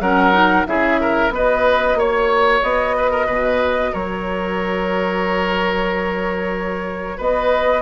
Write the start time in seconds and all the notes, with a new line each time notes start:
0.00 F#3 C#4 A#4 F#5
0.33 D#4
0.66 C#3 E4 G#4 E5
1.01 A#4
1.30 B3 F#4 B4 D#5
1.95 A#3 C#5
2.63 B3 D#5
2.97 B4
3.10 A#4
3.26 B2 B4
3.92 F#3 A#4 C#5
7.17 B3 B4 D#5